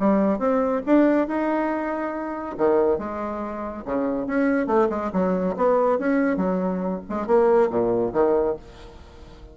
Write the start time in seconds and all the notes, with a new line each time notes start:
0.00 G3
0.39 C4
0.86 D4
1.28 D#4
2.58 D#3
2.99 G#3
3.86 C#3
4.27 C#4
4.67 A3
4.90 G#3
5.13 F#3
5.57 B3
5.99 C#4
6.37 F#3
7.10 G#3
7.27 A#3
7.70 A#2
8.13 D#3